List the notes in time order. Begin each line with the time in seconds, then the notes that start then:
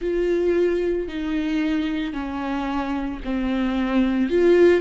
0.00 F4
1.08 D#4
2.13 C#4
3.24 C4
4.29 F4